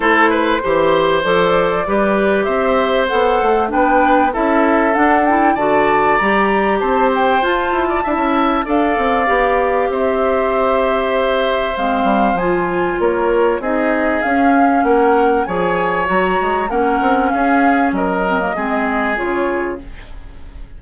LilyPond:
<<
  \new Staff \with { instrumentName = "flute" } { \time 4/4 \tempo 4 = 97 c''2 d''2 | e''4 fis''4 g''4 e''4 | fis''8 g''8 a''4 ais''4 a''8 g''8 | a''2 f''2 |
e''2. f''4 | gis''4 cis''4 dis''4 f''4 | fis''4 gis''4 ais''4 fis''4 | f''4 dis''2 cis''4 | }
  \new Staff \with { instrumentName = "oboe" } { \time 4/4 a'8 b'8 c''2 b'4 | c''2 b'4 a'4~ | a'4 d''2 c''4~ | c''8. d''16 e''4 d''2 |
c''1~ | c''4 ais'4 gis'2 | ais'4 cis''2 ais'4 | gis'4 ais'4 gis'2 | }
  \new Staff \with { instrumentName = "clarinet" } { \time 4/4 e'4 g'4 a'4 g'4~ | g'4 a'4 d'4 e'4 | d'8 e'8 fis'4 g'2 | f'4 e'4 a'4 g'4~ |
g'2. c'4 | f'2 dis'4 cis'4~ | cis'4 gis'4 fis'4 cis'4~ | cis'4. c'16 ais16 c'4 f'4 | }
  \new Staff \with { instrumentName = "bassoon" } { \time 4/4 a4 e4 f4 g4 | c'4 b8 a8 b4 cis'4 | d'4 d4 g4 c'4 | f'8 e'8 d'16 cis'8. d'8 c'8 b4 |
c'2. gis8 g8 | f4 ais4 c'4 cis'4 | ais4 f4 fis8 gis8 ais8 c'8 | cis'4 fis4 gis4 cis4 | }
>>